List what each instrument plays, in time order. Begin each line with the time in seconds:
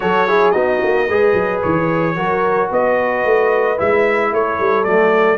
0.00 tuba F#3, trombone F#4, horn A4, trumpet C#5
0.27 trombone E4, horn G#4
0.51 tuba B3, trombone D#4, horn F#4, trumpet D#5
0.83 tuba A#3
1.06 tuba G#3, trombone G#4, horn B4
1.33 tuba F#3
1.62 tuba E3, trumpet C#5
2.15 tuba F#3, trombone F#4, horn A#4
2.69 tuba B3, horn B4, trumpet D#5
3.24 tuba A3
3.77 tuba G#3, trombone E4, trumpet E5
4.32 tuba A3, horn A4, trumpet C#5
4.59 tuba G3
4.84 tuba F#3, trombone A3, trumpet D5